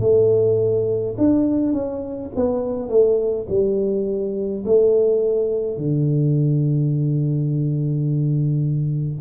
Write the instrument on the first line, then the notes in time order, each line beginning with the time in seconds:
tuba
0.00 A3
1.17 D4
1.73 C#4
2.35 B3
2.88 A3
3.49 G3
4.65 A3
5.77 D3